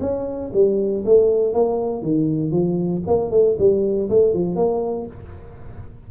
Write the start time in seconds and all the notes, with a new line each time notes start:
0.00 C#4
0.53 G3
1.05 A3
1.53 A#3
2.02 D#3
2.51 F3
3.06 A#3
3.31 A3
3.58 G3
4.09 A3
4.33 F3
4.55 A#3